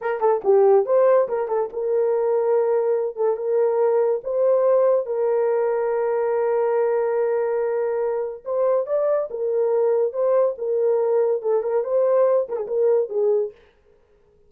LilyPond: \new Staff \with { instrumentName = "horn" } { \time 4/4 \tempo 4 = 142 ais'8 a'8 g'4 c''4 ais'8 a'8 | ais'2.~ ais'8 a'8 | ais'2 c''2 | ais'1~ |
ais'1 | c''4 d''4 ais'2 | c''4 ais'2 a'8 ais'8 | c''4. ais'16 gis'16 ais'4 gis'4 | }